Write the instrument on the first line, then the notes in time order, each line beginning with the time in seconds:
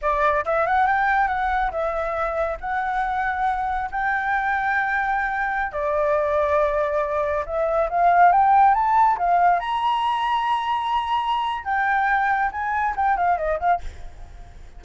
flute
0.01 D5
0.45 E5
0.66 F#5
0.86 G5
1.27 F#5
1.71 E5
2.60 F#5
3.91 G5
5.72 D5
7.45 E5
7.89 F5
8.32 G5
8.74 A5
9.18 F5
9.59 A#5
11.64 G5
12.51 G#5
12.96 G5
13.16 F5
13.37 D#5
13.59 F5